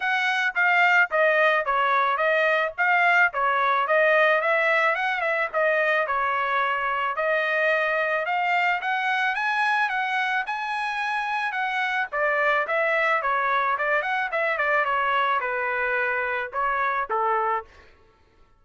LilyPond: \new Staff \with { instrumentName = "trumpet" } { \time 4/4 \tempo 4 = 109 fis''4 f''4 dis''4 cis''4 | dis''4 f''4 cis''4 dis''4 | e''4 fis''8 e''8 dis''4 cis''4~ | cis''4 dis''2 f''4 |
fis''4 gis''4 fis''4 gis''4~ | gis''4 fis''4 d''4 e''4 | cis''4 d''8 fis''8 e''8 d''8 cis''4 | b'2 cis''4 a'4 | }